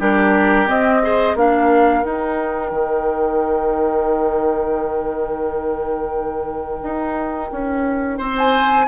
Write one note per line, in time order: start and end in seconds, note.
0.00 0.68 G3
0.00 0.67 D4
0.00 1.03 G4
0.00 0.69 A#4
0.67 1.01 C4
0.67 1.36 C4
0.67 1.37 D#5
1.03 1.37 G#4
1.03 1.37 C5
1.36 2.04 A#3
1.36 2.05 D4
1.36 8.18 A#4
1.36 2.04 F5
2.04 8.87 D#4
2.04 2.71 D#4
2.04 8.34 G5
2.71 6.81 D#3
6.83 7.51 D#4
7.52 8.19 C#4
8.18 8.88 C4
8.18 8.86 C5
8.38 8.88 G#5